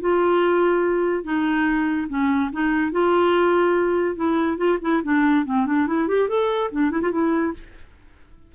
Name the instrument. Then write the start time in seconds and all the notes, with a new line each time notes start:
clarinet
0.00 F4
1.23 D#4
2.08 C#4
2.52 D#4
2.92 F4
4.16 E4
4.57 F4
4.81 E4
5.03 D4
5.45 C4
5.66 D4
5.87 E4
6.08 G4
6.29 A4
6.71 D4
6.91 E4
7.01 F4
7.11 E4